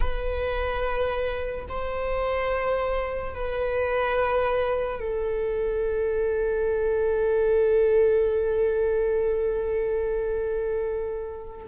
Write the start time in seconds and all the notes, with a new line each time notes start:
0.00 B4
1.68 C5
3.34 B4
5.00 A4